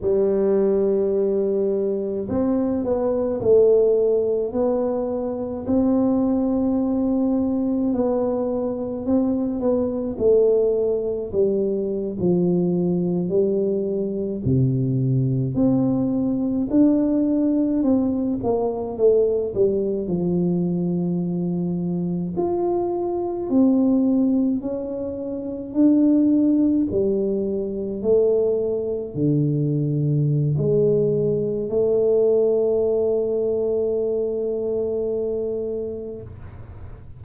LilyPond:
\new Staff \with { instrumentName = "tuba" } { \time 4/4 \tempo 4 = 53 g2 c'8 b8 a4 | b4 c'2 b4 | c'8 b8 a4 g8. f4 g16~ | g8. c4 c'4 d'4 c'16~ |
c'16 ais8 a8 g8 f2 f'16~ | f'8. c'4 cis'4 d'4 g16~ | g8. a4 d4~ d16 gis4 | a1 | }